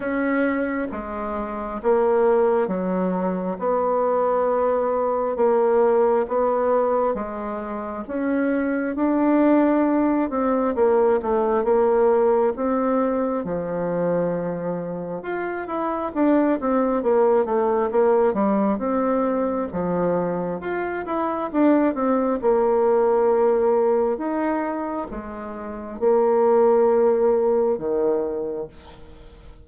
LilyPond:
\new Staff \with { instrumentName = "bassoon" } { \time 4/4 \tempo 4 = 67 cis'4 gis4 ais4 fis4 | b2 ais4 b4 | gis4 cis'4 d'4. c'8 | ais8 a8 ais4 c'4 f4~ |
f4 f'8 e'8 d'8 c'8 ais8 a8 | ais8 g8 c'4 f4 f'8 e'8 | d'8 c'8 ais2 dis'4 | gis4 ais2 dis4 | }